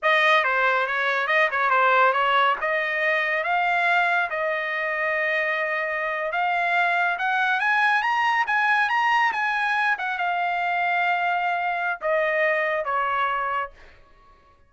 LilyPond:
\new Staff \with { instrumentName = "trumpet" } { \time 4/4 \tempo 4 = 140 dis''4 c''4 cis''4 dis''8 cis''8 | c''4 cis''4 dis''2 | f''2 dis''2~ | dis''2~ dis''8. f''4~ f''16~ |
f''8. fis''4 gis''4 ais''4 gis''16~ | gis''8. ais''4 gis''4. fis''8 f''16~ | f''1 | dis''2 cis''2 | }